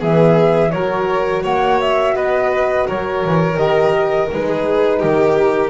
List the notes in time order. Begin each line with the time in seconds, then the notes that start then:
0.00 E3 B3 G#4 E5
0.71 F#3 F#4 A#4 C#5
1.43 A#3 C#5 F#5
1.80 E5
2.15 B3 B4 D#5
2.86 F#3 A#4 C#5
3.25 E3
3.56 D#3 G4 D#5
4.31 G#3 D#4 B4
4.47 G#4
4.99 D#3 G4 A#4